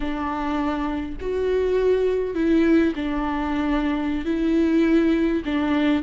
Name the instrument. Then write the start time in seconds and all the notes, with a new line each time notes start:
viola
0.00 D4
1.20 F#4
2.34 E4
2.95 D4
4.25 E4
5.45 D4